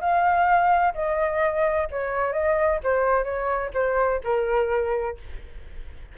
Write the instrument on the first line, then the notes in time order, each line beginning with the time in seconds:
flute
0.00 F5
0.94 D#5
1.91 C#5
2.32 D#5
2.83 C5
3.24 C#5
3.74 C5
4.24 A#4